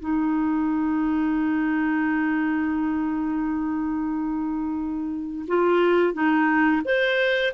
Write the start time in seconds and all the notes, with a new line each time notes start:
0.00 D#4
5.48 F4
6.14 D#4
6.85 C5